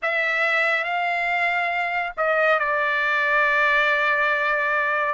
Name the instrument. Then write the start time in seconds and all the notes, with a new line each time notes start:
trumpet
0.02 E5
0.84 F5
2.17 D#5
2.59 D5